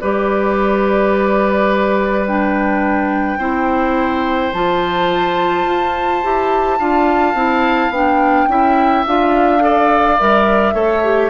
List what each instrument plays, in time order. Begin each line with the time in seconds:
0.00 bassoon G3, clarinet G4, oboe B4, flute D5
2.27 clarinet D4, flute G5
3.37 bassoon C4, clarinet E4, oboe C5
4.53 bassoon F3, clarinet F4, flute A5
5.65 bassoon F4
6.23 bassoon E4, clarinet G4
6.79 bassoon D4, clarinet F4, oboe F5
7.34 bassoon C4, clarinet E4
7.89 bassoon B3, clarinet D4, flute G5
8.48 bassoon C#4, clarinet E4, oboe E5
9.06 bassoon D4, clarinet F4, flute F5
9.59 clarinet A4, oboe D5
10.19 bassoon G3, clarinet A#4, flute E5
10.73 bassoon A3, clarinet A4, oboe C#5
11.04 clarinet G4